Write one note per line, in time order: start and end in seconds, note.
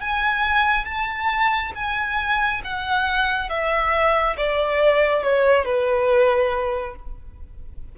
0.00 0.85 G#5
0.85 1.72 A5
1.74 2.61 G#5
2.64 3.49 F#5
3.49 4.36 E5
4.37 5.23 D5
5.23 5.64 C#5
5.64 6.95 B4